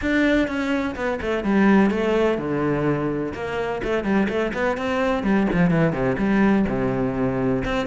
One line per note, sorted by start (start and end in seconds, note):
0.01 0.47 D4
0.47 0.95 C#4
0.95 1.19 B3
1.21 1.44 A3
1.44 1.90 G3
1.90 2.37 A3
2.38 3.33 D3
3.34 3.81 A#3
3.83 4.03 A3
4.03 4.27 G3
4.28 4.52 A3
4.53 4.77 B3
4.77 5.23 C4
5.23 5.47 G3
5.52 5.70 F3
5.70 5.92 E3
5.92 6.16 C3
6.18 6.65 G3
6.68 7.63 C3
7.64 7.86 C4